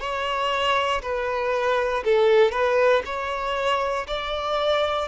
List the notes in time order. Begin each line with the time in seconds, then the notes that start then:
0.00 C#5
1.02 B4
2.04 A4
2.52 B4
3.05 C#5
4.07 D5